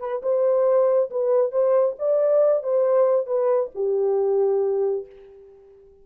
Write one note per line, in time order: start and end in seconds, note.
0.00 0.22 B4
0.23 1.10 C5
1.10 1.52 B4
1.52 1.96 C5
1.99 2.64 D5
2.64 3.27 C5
3.27 3.70 B4
3.75 5.06 G4